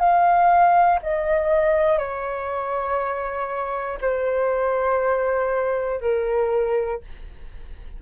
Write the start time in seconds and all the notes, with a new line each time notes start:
0.00 F5
1.03 D#5
1.99 C#5
4.02 C5
6.01 A#4